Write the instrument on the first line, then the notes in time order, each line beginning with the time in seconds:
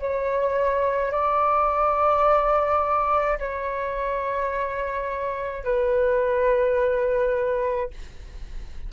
flute
0.00 C#5
1.12 D5
3.39 C#5
5.64 B4